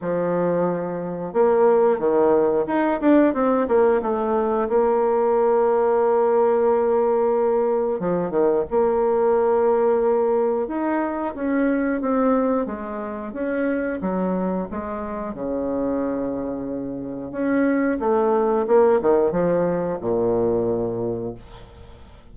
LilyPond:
\new Staff \with { instrumentName = "bassoon" } { \time 4/4 \tempo 4 = 90 f2 ais4 dis4 | dis'8 d'8 c'8 ais8 a4 ais4~ | ais1 | f8 dis8 ais2. |
dis'4 cis'4 c'4 gis4 | cis'4 fis4 gis4 cis4~ | cis2 cis'4 a4 | ais8 dis8 f4 ais,2 | }